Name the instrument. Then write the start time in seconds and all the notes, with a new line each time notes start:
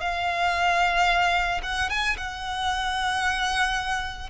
violin
0.00 F5
1.63 F#5
1.89 G#5
2.17 F#5